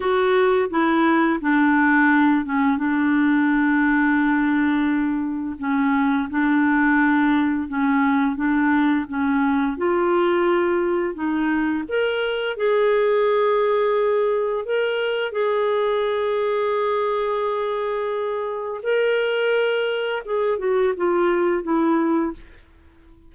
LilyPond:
\new Staff \with { instrumentName = "clarinet" } { \time 4/4 \tempo 4 = 86 fis'4 e'4 d'4. cis'8 | d'1 | cis'4 d'2 cis'4 | d'4 cis'4 f'2 |
dis'4 ais'4 gis'2~ | gis'4 ais'4 gis'2~ | gis'2. ais'4~ | ais'4 gis'8 fis'8 f'4 e'4 | }